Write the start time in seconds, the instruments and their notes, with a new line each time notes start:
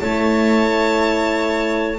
0.00 double bass A3, horn E4, clarinet C#5, violin A5